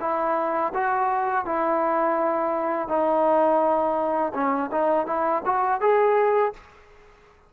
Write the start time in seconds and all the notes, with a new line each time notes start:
0.00 E4
0.74 F#4
1.45 E4
2.88 D#4
4.34 C#4
4.71 D#4
5.06 E4
5.44 F#4
5.80 G#4